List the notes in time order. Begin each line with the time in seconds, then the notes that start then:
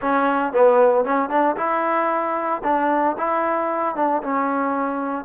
0.01 C#4
0.53 B3
1.05 C#4
1.29 D4
1.56 E4
2.63 D4
3.17 E4
3.95 D4
4.22 C#4